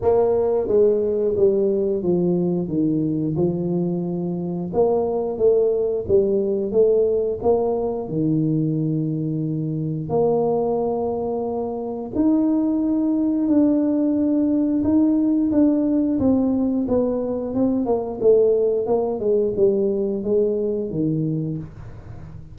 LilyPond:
\new Staff \with { instrumentName = "tuba" } { \time 4/4 \tempo 4 = 89 ais4 gis4 g4 f4 | dis4 f2 ais4 | a4 g4 a4 ais4 | dis2. ais4~ |
ais2 dis'2 | d'2 dis'4 d'4 | c'4 b4 c'8 ais8 a4 | ais8 gis8 g4 gis4 dis4 | }